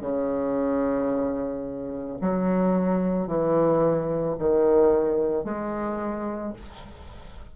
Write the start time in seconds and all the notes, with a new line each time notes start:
0.00 C#3
2.21 F#3
3.27 E3
4.38 D#3
5.44 G#3